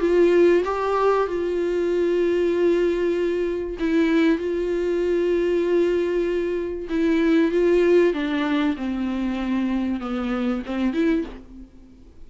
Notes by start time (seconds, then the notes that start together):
0.00 F4
0.64 G4
1.26 F4
3.79 E4
4.38 F4
6.89 E4
7.51 F4
8.13 D4
8.76 C4
10.00 B3
10.65 C4
10.93 E4